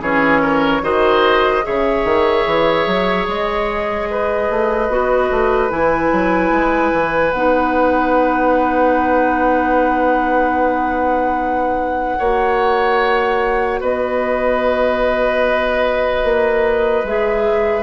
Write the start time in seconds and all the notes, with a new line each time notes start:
0.00 E3 C#4 G#4 C#5
0.41 A#4
0.82 D#3 F#4 C5 D#5
1.62 C#3 G#4 C#5 E5
2.04 D#3
2.46 E3
2.86 F#3
3.27 G#3 D#5
4.10 B4
4.50 A3
4.89 B3 F#4
5.30 A3
5.69 E3 E4 G#5
6.12 F#3
6.51 G#3
6.93 E3
7.31 B3 D#4 F#5
12.17 A#3 F#4 C#5
13.80 B3 B4 D#5
16.23 A#3
17.03 G#3 G#4 E5